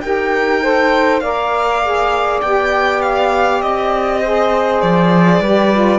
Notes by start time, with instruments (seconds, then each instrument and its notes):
0.00 cello D#4, saxophone G4, flute A#4, violin G5
0.61 saxophone A4, flute C5
1.20 cello A#3, saxophone A#4, flute D5, violin F5
1.83 saxophone G#4
2.41 cello B3, saxophone G4, violin G5
3.01 violin F5
3.61 cello C4, violin D#5
4.21 saxophone G#4, flute C5
4.80 cello F3, violin D5
5.39 cello G3, saxophone G4, flute B4
5.74 saxophone F4